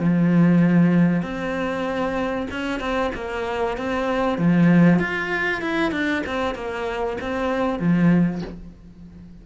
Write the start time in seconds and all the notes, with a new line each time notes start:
0.00 F3
1.23 C4
2.51 C#4
2.81 C4
3.15 A#3
3.78 C4
4.38 F3
4.99 F4
5.62 E4
5.92 D4
6.27 C4
6.55 A#3
7.21 C4
7.80 F3